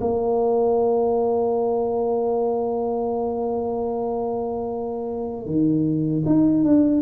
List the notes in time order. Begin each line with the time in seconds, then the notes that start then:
0.00 A#3
5.45 D#3
6.26 D#4
6.63 D4